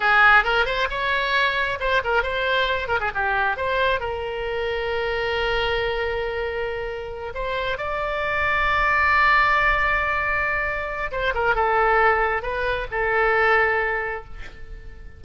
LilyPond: \new Staff \with { instrumentName = "oboe" } { \time 4/4 \tempo 4 = 135 gis'4 ais'8 c''8 cis''2 | c''8 ais'8 c''4. ais'16 gis'16 g'4 | c''4 ais'2.~ | ais'1~ |
ais'8 c''4 d''2~ d''8~ | d''1~ | d''4 c''8 ais'8 a'2 | b'4 a'2. | }